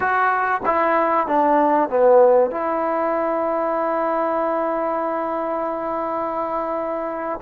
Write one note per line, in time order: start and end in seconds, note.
0.00 0.61 F#4
0.65 1.27 E4
1.27 1.89 D4
1.89 2.50 B3
2.50 7.40 E4